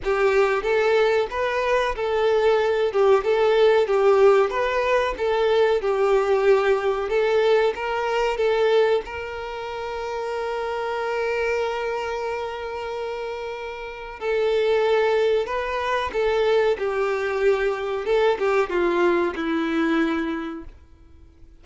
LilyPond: \new Staff \with { instrumentName = "violin" } { \time 4/4 \tempo 4 = 93 g'4 a'4 b'4 a'4~ | a'8 g'8 a'4 g'4 b'4 | a'4 g'2 a'4 | ais'4 a'4 ais'2~ |
ais'1~ | ais'2 a'2 | b'4 a'4 g'2 | a'8 g'8 f'4 e'2 | }